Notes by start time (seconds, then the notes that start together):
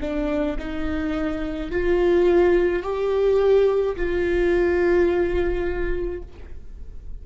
0.00 D4
0.58 D#4
1.71 F4
2.83 G4
3.96 F4